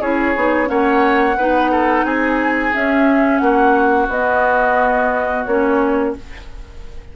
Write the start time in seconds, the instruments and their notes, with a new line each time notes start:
0.00 bassoon C#4, clarinet E4, oboe G#4, flute C#5
0.35 bassoon B3, clarinet D#4
0.65 bassoon A#3, clarinet C#4, oboe C#5, flute F#5
1.36 bassoon B3, clarinet D#4, oboe B4
1.71 oboe A4
2.04 bassoon C4, oboe G#4, flute G#5
2.72 clarinet C#4, bassoon C#4, flute E5
3.38 bassoon A#3, oboe F#4, flute F#5
4.08 bassoon B3, clarinet B3, flute D#5
5.45 bassoon A#3, clarinet C#4, flute C#5